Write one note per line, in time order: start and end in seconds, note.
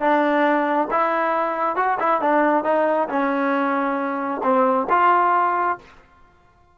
0.00 0.88 D4
0.91 1.76 E4
1.76 1.98 F#4
2.00 2.21 E4
2.21 2.64 D4
2.64 3.08 D#4
3.09 4.41 C#4
4.43 4.87 C4
4.90 5.78 F4